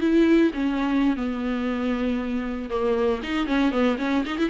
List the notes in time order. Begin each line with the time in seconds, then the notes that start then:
0.00 E4
0.53 C#4
1.16 B3
2.70 A#3
3.23 D#4
3.46 C#4
3.71 B3
3.98 C#4
4.25 D#4
4.38 E4